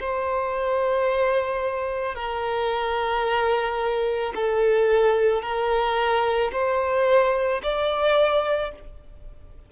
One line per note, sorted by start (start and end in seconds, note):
0.00 2.15 C5
2.15 4.33 A#4
4.35 5.42 A4
5.42 6.52 A#4
6.53 7.62 C5
7.63 8.72 D5